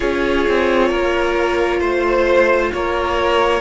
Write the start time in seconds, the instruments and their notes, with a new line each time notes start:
0.00 cello C#4, viola F4, violin G#4 C#5
0.48 cello C4
0.88 cello A#3, violin A#4
1.79 cello A3, violin C5
2.73 cello A#3, violin A#4 C#5